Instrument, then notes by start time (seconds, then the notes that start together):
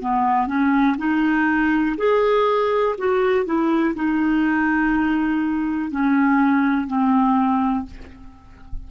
clarinet
0.00 B3
0.47 C#4
0.97 D#4
1.97 G#4
2.98 F#4
3.45 E4
3.94 D#4
5.91 C#4
6.87 C4